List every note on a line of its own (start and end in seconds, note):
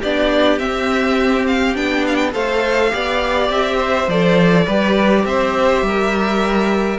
0.00 0.60 B3
0.00 0.60 D4
0.00 2.33 G4
0.00 0.59 D5
0.59 1.75 C4
0.59 1.76 C4
0.59 1.46 E5
1.47 1.77 F5
1.75 2.34 B3
1.75 2.33 D4
1.75 2.06 G5
2.07 2.16 F5
2.16 2.30 G5
2.33 2.93 A3
2.33 2.91 A4
2.33 2.92 C5
2.33 3.51 F5
2.91 3.50 B3
2.91 4.07 G4
2.91 3.77 D5
3.50 4.08 C4
3.50 4.10 E5
3.77 4.64 C5
4.08 4.67 F3
4.08 4.68 A4
4.08 5.26 D5
4.66 5.25 G3
4.66 6.99 G4
4.66 5.24 B4
5.25 5.83 C4
5.25 5.87 C5
5.25 6.99 E5
5.83 6.99 G3
5.83 6.99 A#4